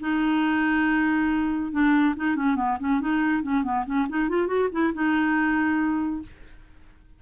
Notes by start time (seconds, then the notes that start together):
0.00 D#4
1.71 D4
2.16 D#4
2.36 C#4
2.56 B3
2.80 C#4
3.01 D#4
3.42 C#4
3.64 B3
3.86 C#4
4.09 D#4
4.29 F4
4.47 F#4
4.72 E4
4.94 D#4